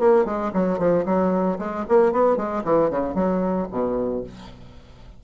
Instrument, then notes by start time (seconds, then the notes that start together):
bassoon
0.00 A#3
0.26 G#3
0.54 F#3
0.79 F3
1.06 F#3
1.59 G#3
1.89 A#3
2.13 B3
2.37 G#3
2.65 E3
2.90 C#3
3.15 F#3
3.71 B2